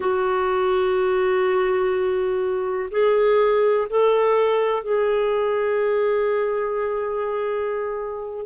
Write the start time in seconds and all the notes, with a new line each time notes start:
0.00 F#4
2.90 G#4
3.89 A4
4.83 G#4